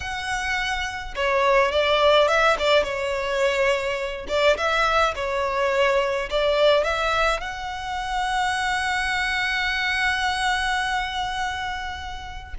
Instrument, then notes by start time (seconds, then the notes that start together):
violin
0.00 F#5
1.15 C#5
1.71 D5
2.28 E5
2.58 D5
2.83 C#5
4.28 D5
4.57 E5
5.15 C#5
6.30 D5
6.83 E5
7.40 F#5